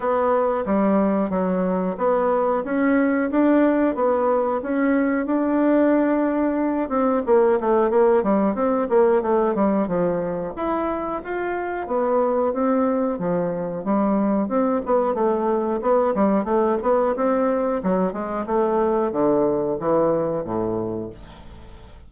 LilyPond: \new Staff \with { instrumentName = "bassoon" } { \time 4/4 \tempo 4 = 91 b4 g4 fis4 b4 | cis'4 d'4 b4 cis'4 | d'2~ d'8 c'8 ais8 a8 | ais8 g8 c'8 ais8 a8 g8 f4 |
e'4 f'4 b4 c'4 | f4 g4 c'8 b8 a4 | b8 g8 a8 b8 c'4 fis8 gis8 | a4 d4 e4 a,4 | }